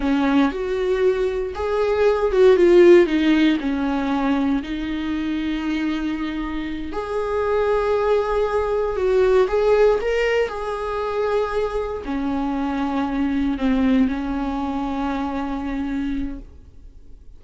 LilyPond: \new Staff \with { instrumentName = "viola" } { \time 4/4 \tempo 4 = 117 cis'4 fis'2 gis'4~ | gis'8 fis'8 f'4 dis'4 cis'4~ | cis'4 dis'2.~ | dis'4. gis'2~ gis'8~ |
gis'4. fis'4 gis'4 ais'8~ | ais'8 gis'2. cis'8~ | cis'2~ cis'8 c'4 cis'8~ | cis'1 | }